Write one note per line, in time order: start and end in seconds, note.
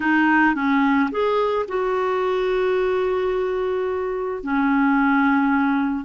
0.00 0.54 D#4
0.54 1.09 C#4
1.11 1.66 G#4
1.67 4.43 F#4
4.43 6.04 C#4